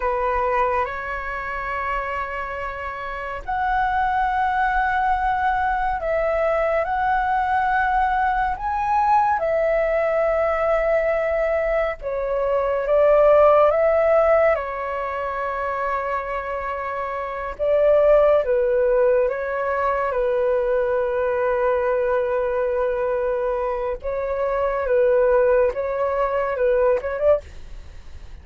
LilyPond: \new Staff \with { instrumentName = "flute" } { \time 4/4 \tempo 4 = 70 b'4 cis''2. | fis''2. e''4 | fis''2 gis''4 e''4~ | e''2 cis''4 d''4 |
e''4 cis''2.~ | cis''8 d''4 b'4 cis''4 b'8~ | b'1 | cis''4 b'4 cis''4 b'8 cis''16 d''16 | }